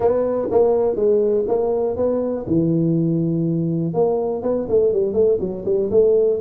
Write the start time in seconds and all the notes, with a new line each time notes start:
0.00 B3
0.50 A#3
0.95 G#3
1.47 A#3
1.96 B3
2.46 E3
3.93 A#3
4.42 B3
4.68 A3
4.92 G3
5.13 A3
5.40 F#3
5.65 G3
5.90 A3